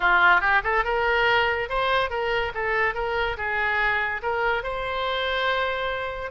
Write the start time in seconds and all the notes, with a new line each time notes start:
0.00 F4
0.41 G4
0.63 A4
0.84 A#4
1.69 C5
2.10 A#4
2.54 A4
2.94 A#4
3.37 G#4
4.22 A#4
4.63 C5